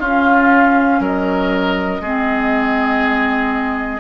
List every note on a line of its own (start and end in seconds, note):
0.00 1.00 C#4
0.00 2.04 C#4
0.00 1.00 F4
0.00 1.04 F5
1.00 2.00 F#3
1.00 2.02 A#4
1.00 4.00 D#5
2.01 4.00 G#3
2.01 4.00 C4
2.01 4.00 G#4